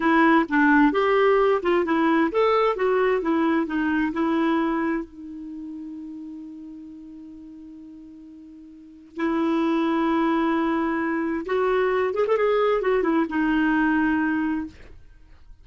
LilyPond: \new Staff \with { instrumentName = "clarinet" } { \time 4/4 \tempo 4 = 131 e'4 d'4 g'4. f'8 | e'4 a'4 fis'4 e'4 | dis'4 e'2 dis'4~ | dis'1~ |
dis'1 | e'1~ | e'4 fis'4. gis'16 a'16 gis'4 | fis'8 e'8 dis'2. | }